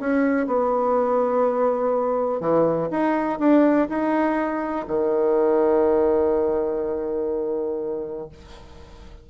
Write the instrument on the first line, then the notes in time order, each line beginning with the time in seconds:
bassoon
0.00 C#4
0.47 B3
2.41 E3
2.91 D#4
3.39 D4
3.89 D#4
4.87 D#3